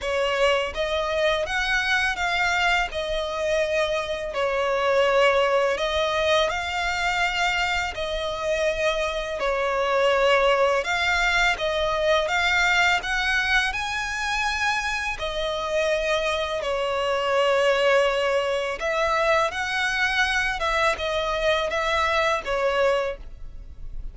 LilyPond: \new Staff \with { instrumentName = "violin" } { \time 4/4 \tempo 4 = 83 cis''4 dis''4 fis''4 f''4 | dis''2 cis''2 | dis''4 f''2 dis''4~ | dis''4 cis''2 f''4 |
dis''4 f''4 fis''4 gis''4~ | gis''4 dis''2 cis''4~ | cis''2 e''4 fis''4~ | fis''8 e''8 dis''4 e''4 cis''4 | }